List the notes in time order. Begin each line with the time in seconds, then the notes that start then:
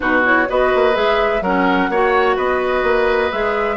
0.00 B2 D#4 F#4 B4
0.23 E4 C#5
0.48 B3 F#4 B4 D#5
0.75 A#3
0.93 G#3 G#4 E5
1.41 F#3 C#4 A#4 F#5
1.88 A#3 F#4 C#5
2.36 B3 B4 D#5
2.83 A#3
3.32 G#3 G#4 E5